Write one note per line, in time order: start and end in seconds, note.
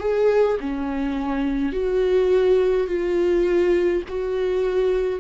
0.00 0.58 G#4
0.60 1.73 C#4
1.73 2.87 F#4
2.87 4.03 F4
4.09 5.20 F#4